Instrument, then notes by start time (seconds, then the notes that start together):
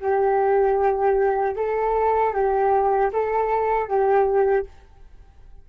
flute
0.00 G4
1.56 A4
2.33 G4
3.13 A4
3.88 G4